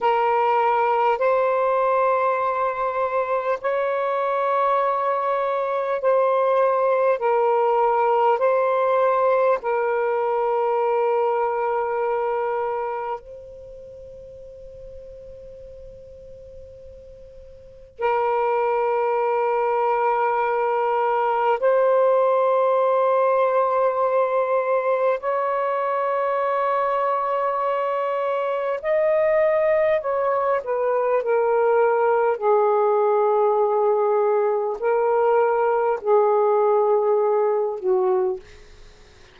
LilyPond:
\new Staff \with { instrumentName = "saxophone" } { \time 4/4 \tempo 4 = 50 ais'4 c''2 cis''4~ | cis''4 c''4 ais'4 c''4 | ais'2. c''4~ | c''2. ais'4~ |
ais'2 c''2~ | c''4 cis''2. | dis''4 cis''8 b'8 ais'4 gis'4~ | gis'4 ais'4 gis'4. fis'8 | }